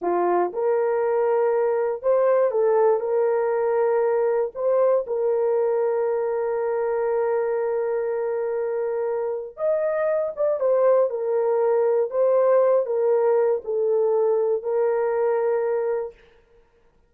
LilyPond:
\new Staff \with { instrumentName = "horn" } { \time 4/4 \tempo 4 = 119 f'4 ais'2. | c''4 a'4 ais'2~ | ais'4 c''4 ais'2~ | ais'1~ |
ais'2. dis''4~ | dis''8 d''8 c''4 ais'2 | c''4. ais'4. a'4~ | a'4 ais'2. | }